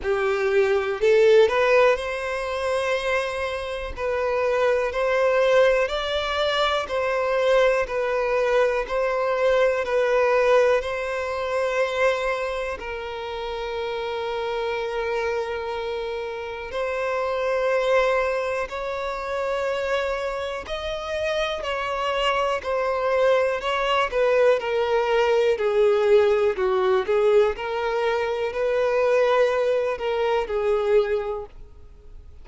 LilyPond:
\new Staff \with { instrumentName = "violin" } { \time 4/4 \tempo 4 = 61 g'4 a'8 b'8 c''2 | b'4 c''4 d''4 c''4 | b'4 c''4 b'4 c''4~ | c''4 ais'2.~ |
ais'4 c''2 cis''4~ | cis''4 dis''4 cis''4 c''4 | cis''8 b'8 ais'4 gis'4 fis'8 gis'8 | ais'4 b'4. ais'8 gis'4 | }